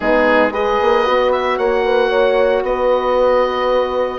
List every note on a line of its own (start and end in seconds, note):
0.00 0.79 G#3
0.00 0.52 B3
0.00 0.51 D#4
0.00 0.53 G#4
0.51 1.04 G#4
0.51 1.56 B4
0.51 1.32 D#5
0.81 1.07 A#3
1.04 1.58 B3
1.04 4.19 F#4
1.32 1.57 E5
1.57 2.62 A#3
1.57 1.83 C#5
1.57 2.63 F#5
1.84 2.09 B4
2.09 2.61 C#5
2.62 4.19 B3
2.62 4.19 B4
2.62 4.19 D#5